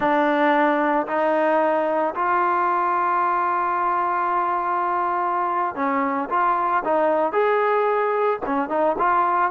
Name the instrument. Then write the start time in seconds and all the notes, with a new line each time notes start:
trombone
0.00 D4
1.07 D#4
2.14 F4
5.75 C#4
6.29 F4
6.84 D#4
7.32 G#4
8.45 C#4
8.69 D#4
8.98 F4